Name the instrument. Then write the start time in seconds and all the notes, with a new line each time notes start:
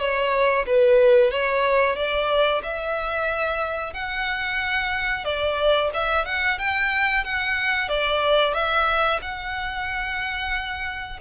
violin
0.00 C#5
0.67 B4
1.32 C#5
1.96 D5
2.63 E5
3.94 F#5
5.25 D5
5.94 E5
6.26 F#5
6.59 G5
7.25 F#5
7.89 D5
8.54 E5
9.22 F#5